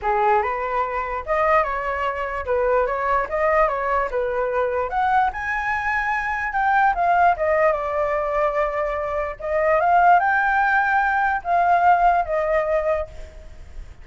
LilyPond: \new Staff \with { instrumentName = "flute" } { \time 4/4 \tempo 4 = 147 gis'4 b'2 dis''4 | cis''2 b'4 cis''4 | dis''4 cis''4 b'2 | fis''4 gis''2. |
g''4 f''4 dis''4 d''4~ | d''2. dis''4 | f''4 g''2. | f''2 dis''2 | }